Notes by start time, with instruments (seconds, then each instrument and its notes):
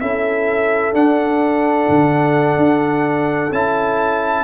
0.00 tuba C#4, trombone E4, horn A4, trumpet E5
0.94 trombone D4, tuba D4, trumpet F#5
1.89 tuba D3
2.57 tuba D4
3.52 tuba C#4, trombone E4, trumpet A5